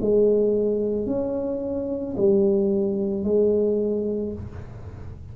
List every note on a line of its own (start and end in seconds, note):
0.00 1.06 G#3
1.06 2.15 C#4
2.16 3.23 G3
3.23 4.32 G#3